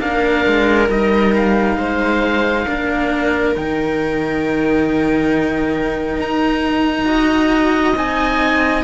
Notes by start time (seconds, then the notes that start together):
0.00 A#3 D4 A#4 F5
0.46 G#3
0.88 G3 D#4 D#5
1.35 F5
1.77 G#3 C5
2.66 A#3 D4 A#4
3.54 D#3 D#4 G5
6.20 D#4 A#5
7.05 F#4 D#5
7.95 C4 D#4 G#5